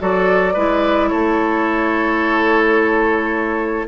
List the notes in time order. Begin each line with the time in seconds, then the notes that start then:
0.00 F#3 F#4 A4 D5
0.54 G#3 E4 B4
1.09 A3 A4 C#5